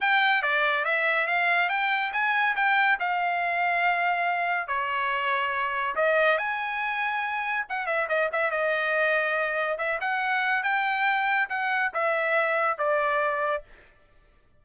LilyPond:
\new Staff \with { instrumentName = "trumpet" } { \time 4/4 \tempo 4 = 141 g''4 d''4 e''4 f''4 | g''4 gis''4 g''4 f''4~ | f''2. cis''4~ | cis''2 dis''4 gis''4~ |
gis''2 fis''8 e''8 dis''8 e''8 | dis''2. e''8 fis''8~ | fis''4 g''2 fis''4 | e''2 d''2 | }